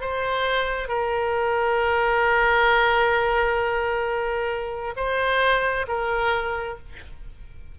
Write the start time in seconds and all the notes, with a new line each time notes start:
0.00 C5
0.88 A#4
4.96 C5
5.87 A#4